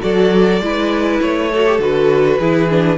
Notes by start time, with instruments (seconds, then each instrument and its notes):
0.00 cello F#3, viola F#4, violin A4 D5
0.60 cello G#3, viola E4, violin B4
1.21 cello A3, violin C#5
1.51 viola F#4, violin A4
1.66 viola G4
1.78 cello D3, viola F#4, violin B4
2.39 cello E3, viola E4, violin G#4
2.69 viola D4